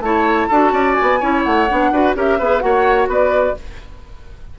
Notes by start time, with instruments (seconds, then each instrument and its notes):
0.00 bassoon A3, clarinet E4, oboe C#5, flute A5
0.48 bassoon D4, clarinet F#4, oboe A4
0.72 bassoon C#4, oboe D5
0.94 flute G#5
1.02 bassoon B3
1.20 bassoon C#4, clarinet E4, oboe C#5
1.44 bassoon A3, flute F#5
1.70 bassoon B3, clarinet D4
1.91 bassoon D4, clarinet F#4, oboe B4
2.16 bassoon C#4, clarinet G4, oboe A#4, flute E5
2.39 bassoon B3, clarinet G#4, oboe B4
2.60 bassoon A#3, clarinet F#4, oboe C#5, flute F#5
3.07 bassoon B3, oboe B4, flute D5